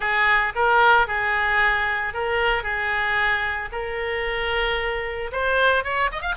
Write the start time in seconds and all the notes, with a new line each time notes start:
0.00 G#4
0.55 A#4
1.07 G#4
2.13 A#4
2.63 G#4
3.71 A#4
5.31 C5
5.83 C#5
6.11 D#5
6.21 F5